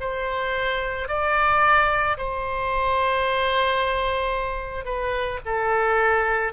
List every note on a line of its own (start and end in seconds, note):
0.00 1.08 C5
1.08 2.17 D5
2.17 4.84 C5
4.84 5.39 B4
5.45 6.53 A4